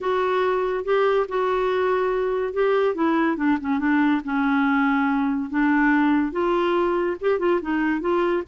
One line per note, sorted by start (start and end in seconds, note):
0.00 0.84 F#4
0.84 1.26 G4
1.28 2.53 F#4
2.53 2.95 G4
2.95 3.36 E4
3.36 3.57 D4
3.60 3.79 C#4
3.79 4.21 D4
4.24 5.50 C#4
5.50 6.32 D4
6.32 7.16 F4
7.20 7.39 G4
7.39 7.60 F4
7.61 8.00 D#4
8.00 8.43 F4